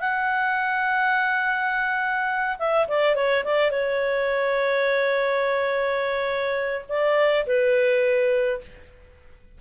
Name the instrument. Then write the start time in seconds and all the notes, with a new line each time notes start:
clarinet
0.00 F#5
2.59 E5
2.88 D5
3.15 C#5
3.44 D5
3.71 C#5
6.89 D5
7.46 B4